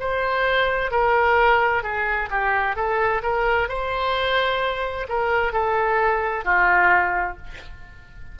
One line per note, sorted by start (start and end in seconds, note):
0.00 0.91 C5
0.91 1.83 A#4
1.83 2.30 G#4
2.30 2.76 G4
2.76 3.22 A4
3.23 3.69 A#4
3.69 5.07 C5
5.09 5.53 A#4
5.53 6.45 A4
6.45 7.37 F4